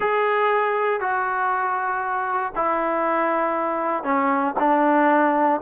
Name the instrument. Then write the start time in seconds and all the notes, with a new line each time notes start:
trombone
0.00 G#4
1.00 F#4
2.55 E4
4.03 C#4
4.59 D4